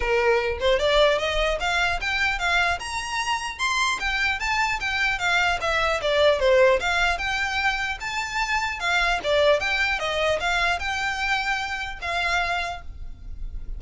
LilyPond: \new Staff \with { instrumentName = "violin" } { \time 4/4 \tempo 4 = 150 ais'4. c''8 d''4 dis''4 | f''4 g''4 f''4 ais''4~ | ais''4 c'''4 g''4 a''4 | g''4 f''4 e''4 d''4 |
c''4 f''4 g''2 | a''2 f''4 d''4 | g''4 dis''4 f''4 g''4~ | g''2 f''2 | }